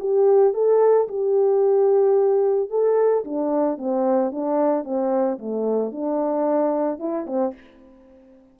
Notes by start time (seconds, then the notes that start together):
0.00 G4
0.54 A4
1.08 G4
2.70 A4
3.25 D4
3.78 C4
4.32 D4
4.84 C4
5.39 A3
5.92 D4
6.99 E4
7.27 C4